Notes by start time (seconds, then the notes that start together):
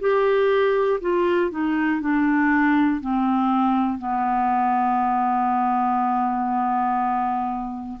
0.00 G4
1.00 F4
1.50 D#4
2.00 D4
3.00 C4
3.98 B3